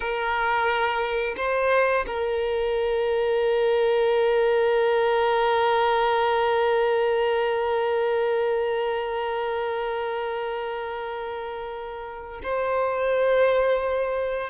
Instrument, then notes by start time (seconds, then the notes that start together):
violin
0.00 A#4
1.36 C5
2.07 A#4
12.43 C5